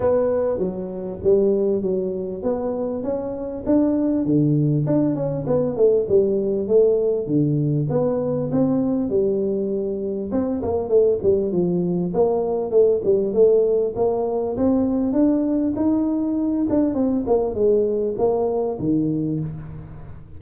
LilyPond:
\new Staff \with { instrumentName = "tuba" } { \time 4/4 \tempo 4 = 99 b4 fis4 g4 fis4 | b4 cis'4 d'4 d4 | d'8 cis'8 b8 a8 g4 a4 | d4 b4 c'4 g4~ |
g4 c'8 ais8 a8 g8 f4 | ais4 a8 g8 a4 ais4 | c'4 d'4 dis'4. d'8 | c'8 ais8 gis4 ais4 dis4 | }